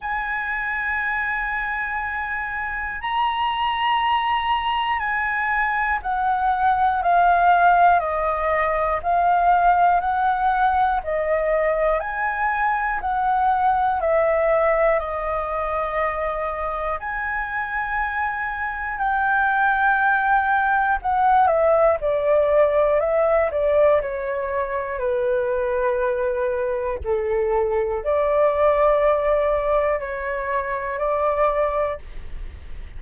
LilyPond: \new Staff \with { instrumentName = "flute" } { \time 4/4 \tempo 4 = 60 gis''2. ais''4~ | ais''4 gis''4 fis''4 f''4 | dis''4 f''4 fis''4 dis''4 | gis''4 fis''4 e''4 dis''4~ |
dis''4 gis''2 g''4~ | g''4 fis''8 e''8 d''4 e''8 d''8 | cis''4 b'2 a'4 | d''2 cis''4 d''4 | }